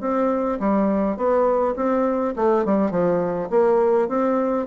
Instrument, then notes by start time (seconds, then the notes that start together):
bassoon
0.00 C4
0.59 G3
1.16 B3
1.76 C4
2.36 A3
2.65 G3
2.90 F3
3.50 A#3
4.08 C4